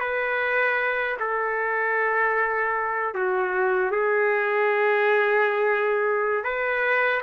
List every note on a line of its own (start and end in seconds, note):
0.00 1.17 B4
1.19 3.14 A4
3.15 3.91 F#4
3.91 6.44 G#4
6.44 7.21 B4